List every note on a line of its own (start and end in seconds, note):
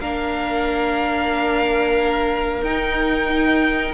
0.00 2.62 A#3
0.00 2.64 D4
0.00 3.94 A#4
0.00 2.63 F5
2.62 3.94 D#4
2.62 3.94 G5